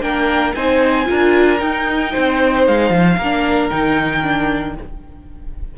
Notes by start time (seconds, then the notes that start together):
0.00 A#3 D4 A#4 G5
0.54 C4 D#4 C5 G#5
1.05 D4 F4 A#4
1.59 D#4 G5
2.12 C4 C5
2.67 G#3 F5
2.90 F3
3.17 A#3 A#4
3.23 D4
3.69 D#3 D#4 G5
4.22 D4